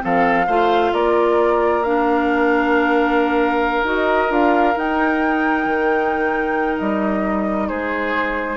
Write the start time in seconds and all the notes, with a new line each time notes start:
0.00 F3 C4 A4 F5
0.47 A3 F4 C5
0.92 A#3 A#4 D5
1.83 D4 F5
3.83 D#4 F#4 D#5
4.28 D4 F4 F5
4.77 D#4 G5
5.66 D#3
6.78 G3 D#5
7.68 G#3 G#4 C5